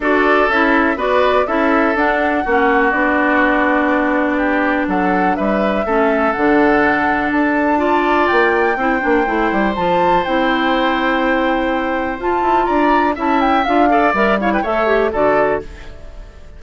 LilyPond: <<
  \new Staff \with { instrumentName = "flute" } { \time 4/4 \tempo 4 = 123 d''4 e''4 d''4 e''4 | fis''2 d''2~ | d''2 fis''4 e''4~ | e''4 fis''2 a''4~ |
a''4 g''2. | a''4 g''2.~ | g''4 a''4 ais''4 a''8 g''8 | f''4 e''8 f''16 g''16 e''4 d''4 | }
  \new Staff \with { instrumentName = "oboe" } { \time 4/4 a'2 b'4 a'4~ | a'4 fis'2.~ | fis'4 g'4 a'4 b'4 | a'1 |
d''2 c''2~ | c''1~ | c''2 d''4 e''4~ | e''8 d''4 cis''16 b'16 cis''4 a'4 | }
  \new Staff \with { instrumentName = "clarinet" } { \time 4/4 fis'4 e'4 fis'4 e'4 | d'4 cis'4 d'2~ | d'1 | cis'4 d'2. |
f'2 e'8 d'8 e'4 | f'4 e'2.~ | e'4 f'2 e'4 | f'8 a'8 ais'8 e'8 a'8 g'8 fis'4 | }
  \new Staff \with { instrumentName = "bassoon" } { \time 4/4 d'4 cis'4 b4 cis'4 | d'4 ais4 b2~ | b2 fis4 g4 | a4 d2 d'4~ |
d'4 ais4 c'8 ais8 a8 g8 | f4 c'2.~ | c'4 f'8 e'8 d'4 cis'4 | d'4 g4 a4 d4 | }
>>